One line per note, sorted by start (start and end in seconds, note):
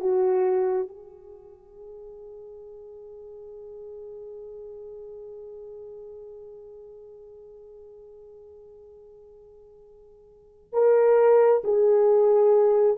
0.00 0.88 F#4
0.88 10.73 G#4
10.73 11.63 A#4
11.64 12.98 G#4